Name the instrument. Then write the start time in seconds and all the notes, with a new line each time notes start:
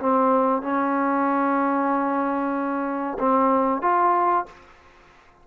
trombone
0.00 C4
0.62 C#4
3.19 C4
3.82 F4